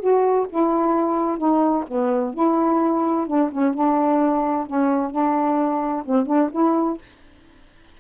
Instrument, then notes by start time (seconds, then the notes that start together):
saxophone
0.00 F#4
0.49 E4
1.38 D#4
1.88 B3
2.34 E4
3.27 D4
3.51 C#4
3.74 D4
4.67 C#4
5.11 D4
6.05 C4
6.26 D4
6.51 E4